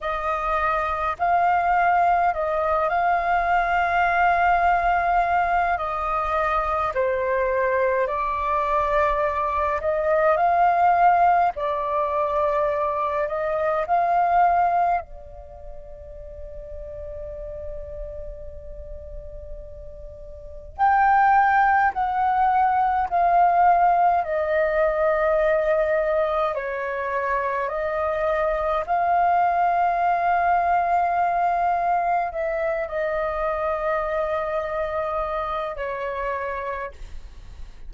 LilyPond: \new Staff \with { instrumentName = "flute" } { \time 4/4 \tempo 4 = 52 dis''4 f''4 dis''8 f''4.~ | f''4 dis''4 c''4 d''4~ | d''8 dis''8 f''4 d''4. dis''8 | f''4 d''2.~ |
d''2 g''4 fis''4 | f''4 dis''2 cis''4 | dis''4 f''2. | e''8 dis''2~ dis''8 cis''4 | }